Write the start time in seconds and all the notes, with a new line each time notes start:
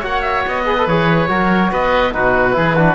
0.00 A#3 F#4 C#5 F#5
0.22 E5
0.47 B3 D#5
0.66 G#4 B4
0.78 A4
0.87 E3 G#4 C#5
1.28 F#3 F#4 A#4
1.72 B3 B4 D#5
2.13 B2 D#4 F#4 B4
2.52 E3 E4 G#4
2.77 D4 F#4